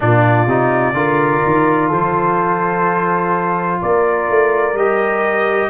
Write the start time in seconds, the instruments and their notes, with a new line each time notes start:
0.00 tuba A#2, trombone D4, horn F4, trumpet D5
0.46 tuba C3, trombone D#4
0.93 tuba D3, trombone F4, horn A#4
1.45 tuba D#3
1.88 tuba F3, horn A4, trumpet C5
3.81 tuba A#3, horn A#4, trumpet D5
4.29 tuba A3
4.73 tuba G3, trombone G4, trumpet D#5